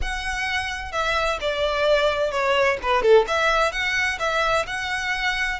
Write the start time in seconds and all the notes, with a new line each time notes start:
0.01 F#5
0.92 E5
1.40 D5
2.31 C#5
2.82 B4
3.02 A4
3.27 E5
3.71 F#5
4.19 E5
4.67 F#5